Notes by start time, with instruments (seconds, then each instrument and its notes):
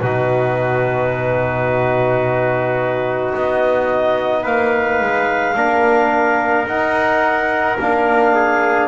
0.00 double bass B2, trombone D#4, trumpet F#4, clarinet B4
3.34 double bass B3, clarinet D#5
4.43 double bass A#3, trumpet B4, clarinet F5
5.01 double bass G#3
5.56 double bass A#3, trombone D4, trumpet A#4
6.66 double bass D#4, trombone D#4, clarinet F#5
7.79 double bass A#3, trombone D4, clarinet F5
8.35 trumpet G#4